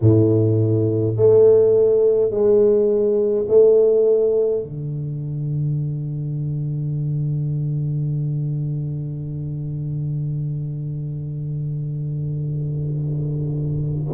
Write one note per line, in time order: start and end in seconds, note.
0.01 1.16 A2
1.16 2.30 A3
2.30 3.46 G#3
3.48 4.63 A3
4.63 14.13 D3